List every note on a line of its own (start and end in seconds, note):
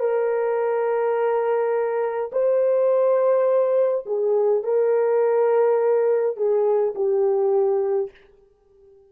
0.00 2.31 A#4
2.32 4.05 C5
4.06 4.64 G#4
4.64 6.37 A#4
6.37 6.94 G#4
6.95 8.10 G4